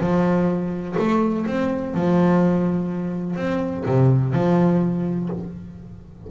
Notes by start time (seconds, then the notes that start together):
0.00 F3
0.99 A3
1.46 C4
1.94 F3
3.36 C4
3.86 C3
4.33 F3